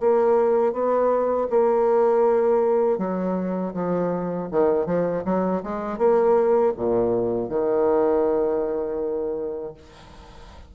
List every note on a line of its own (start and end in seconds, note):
0.00 0.73 A#3
0.73 1.48 B3
1.50 2.98 A#3
2.98 3.73 F#3
3.74 4.49 F3
4.51 4.86 D#3
4.86 5.23 F3
5.25 5.62 F#3
5.63 5.98 G#3
5.98 6.73 A#3
6.77 7.49 A#2
7.49 9.74 D#3